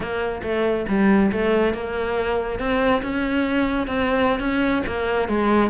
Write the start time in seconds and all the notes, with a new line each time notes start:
0.00 A#3
0.43 A3
0.88 G3
1.32 A3
1.73 A#3
2.59 C4
3.02 C#4
3.87 C4
4.39 C#4
4.86 A#3
5.28 G#3